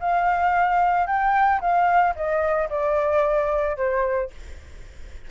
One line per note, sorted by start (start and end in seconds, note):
0.00 1.07 F5
1.07 1.60 G5
1.61 2.14 F5
2.15 2.69 D#5
2.70 3.76 D5
3.76 4.30 C5